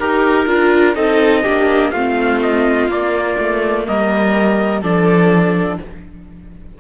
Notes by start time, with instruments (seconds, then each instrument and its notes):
0.00 cello D#4, viola G4, violin A#4, trumpet A#4
0.47 cello D4, viola F4
0.96 cello C4, viola D#4, violin A4, trumpet D#5
1.43 cello A#3, viola D4, violin G4
1.91 cello A3, viola C4, violin F4, trumpet F5
2.42 trumpet D#5
2.88 cello A#3, viola A#3, trumpet D5
3.39 cello A3
3.88 cello G3, violin A#4, trumpet D#5
4.82 cello F3, viola D4, violin A4, trumpet D5